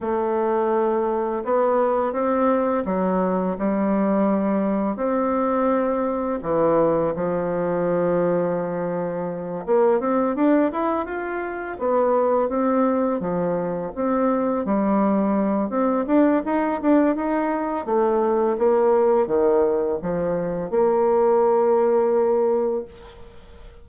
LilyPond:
\new Staff \with { instrumentName = "bassoon" } { \time 4/4 \tempo 4 = 84 a2 b4 c'4 | fis4 g2 c'4~ | c'4 e4 f2~ | f4. ais8 c'8 d'8 e'8 f'8~ |
f'8 b4 c'4 f4 c'8~ | c'8 g4. c'8 d'8 dis'8 d'8 | dis'4 a4 ais4 dis4 | f4 ais2. | }